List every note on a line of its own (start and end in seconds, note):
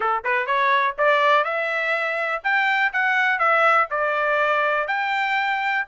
0.00 0.23 A4
0.24 0.46 B4
0.46 0.95 C#5
0.98 1.44 D5
1.44 2.42 E5
2.43 2.92 G5
2.92 3.38 F#5
3.38 3.87 E5
3.90 4.87 D5
4.87 5.85 G5